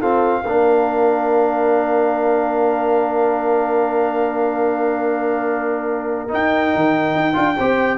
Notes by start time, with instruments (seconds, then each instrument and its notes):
0.00 trombone C4, tuba F4, horn A4, trumpet F5
0.45 tuba A#3, trombone D4, horn A#4
6.28 trombone D#4, tuba D#4, trumpet G5
6.74 tuba D#3
7.15 tuba D#4
7.33 tuba D4, trombone F4
7.57 tuba C4, trombone G4, horn C5